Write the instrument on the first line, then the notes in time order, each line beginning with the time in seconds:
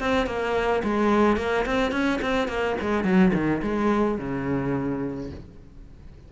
cello
0.00 C4
0.27 A#3
0.84 G#3
1.37 A#3
1.66 C4
1.92 C#4
2.22 C4
2.49 A#3
2.81 G#3
3.04 F#3
3.34 D#3
3.63 G#3
4.19 C#3